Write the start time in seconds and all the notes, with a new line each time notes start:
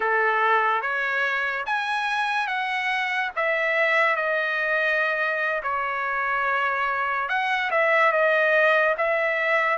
0.00 A4
0.81 C#5
1.66 G#5
2.47 F#5
3.36 E5
4.16 D#5
5.62 C#5
7.28 F#5
7.70 E5
8.12 D#5
8.97 E5